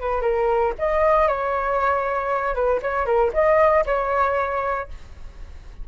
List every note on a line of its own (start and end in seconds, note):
0.00 0.21 B4
0.21 0.73 A#4
0.78 1.28 D#5
1.28 2.54 C#5
2.54 2.80 B4
2.82 3.06 C#5
3.06 3.31 A#4
3.33 3.84 D#5
3.86 4.88 C#5